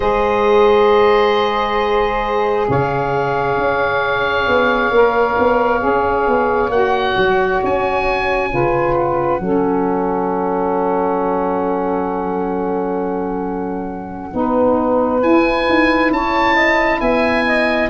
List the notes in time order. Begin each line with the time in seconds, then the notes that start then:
0.00 G#3 G#4 C5 D#5
2.68 C#3 C#5 F5
3.57 C#4
4.47 B3
4.90 A#3 A#4
5.38 B3
5.79 C#4 G#4
6.27 B3
6.69 A#3 F#4 F#5
7.16 F#3
7.63 C#4 G#5
8.49 C#3 F4 B4
8.95 F#5
9.40 F#3 C#4 A4
14.30 B3 D#4 B4
15.22 E4 G#5
15.68 D#4
16.10 C#4 C#5 A5
16.54 D#5
17.00 B3 E5 G#5
17.46 D#5